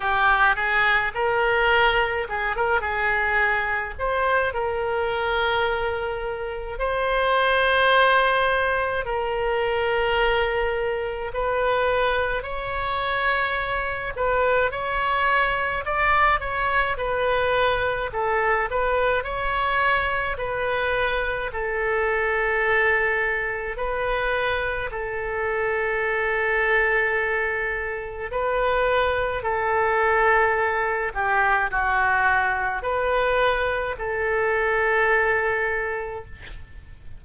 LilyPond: \new Staff \with { instrumentName = "oboe" } { \time 4/4 \tempo 4 = 53 g'8 gis'8 ais'4 gis'16 ais'16 gis'4 c''8 | ais'2 c''2 | ais'2 b'4 cis''4~ | cis''8 b'8 cis''4 d''8 cis''8 b'4 |
a'8 b'8 cis''4 b'4 a'4~ | a'4 b'4 a'2~ | a'4 b'4 a'4. g'8 | fis'4 b'4 a'2 | }